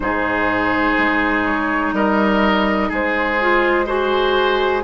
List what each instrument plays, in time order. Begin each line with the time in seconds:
0.00 bassoon G#2, clarinet D#4, oboe G#4, flute C5
0.98 bassoon G#3
1.45 flute C#5
1.93 bassoon G3, oboe A#4, flute D#5
2.89 bassoon G#3, oboe G#4, flute C5
3.40 clarinet F4
3.85 clarinet F#4, flute G#4, oboe C5